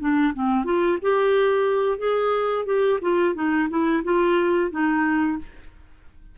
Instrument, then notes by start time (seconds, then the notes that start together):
clarinet
0.00 D4
0.35 C4
0.65 F4
1.02 G4
1.99 G#4
2.66 G4
3.02 F4
3.35 D#4
3.70 E4
4.04 F4
4.72 D#4